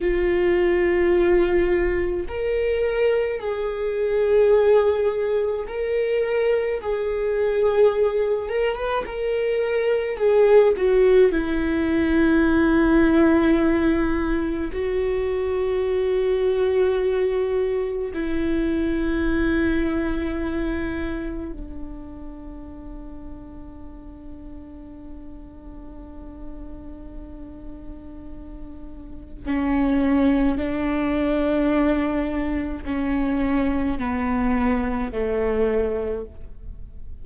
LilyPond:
\new Staff \with { instrumentName = "viola" } { \time 4/4 \tempo 4 = 53 f'2 ais'4 gis'4~ | gis'4 ais'4 gis'4. ais'16 b'16 | ais'4 gis'8 fis'8 e'2~ | e'4 fis'2. |
e'2. d'4~ | d'1~ | d'2 cis'4 d'4~ | d'4 cis'4 b4 a4 | }